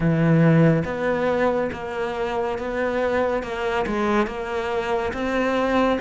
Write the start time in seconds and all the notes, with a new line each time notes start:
0.00 E3
0.84 B3
1.72 A#3
2.58 B3
3.42 A#3
3.86 G#3
4.26 A#3
5.13 C4